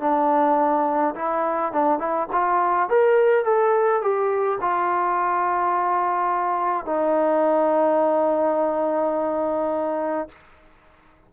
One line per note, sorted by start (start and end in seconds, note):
0.00 1.14 D4
1.15 1.72 E4
1.72 1.98 D4
1.98 2.27 E4
2.32 2.89 F4
2.89 3.44 A#4
3.44 4.01 A4
4.01 4.58 G4
4.61 6.85 F4
6.85 10.28 D#4